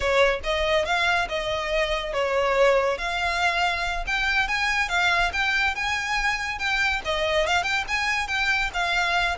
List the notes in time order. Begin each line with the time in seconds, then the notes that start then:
0.00 C#5
0.43 D#5
0.85 F5
1.29 D#5
2.13 C#5
2.97 F5
4.07 G5
4.47 G#5
4.88 F5
5.32 G5
5.75 G#5
6.58 G5
7.04 D#5
7.46 F5
7.63 G5
7.88 G#5
8.27 G5
8.73 F5